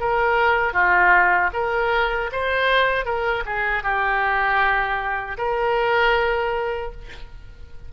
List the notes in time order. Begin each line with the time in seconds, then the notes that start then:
0.00 A#4
0.73 F4
1.53 A#4
2.32 C5
3.05 A#4
3.45 G#4
3.83 G4
5.38 A#4